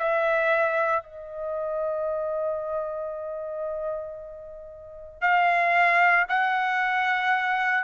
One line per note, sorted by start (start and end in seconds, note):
0.00 1.04 E5
1.04 5.22 D#5
5.22 6.27 F5
6.30 7.85 F#5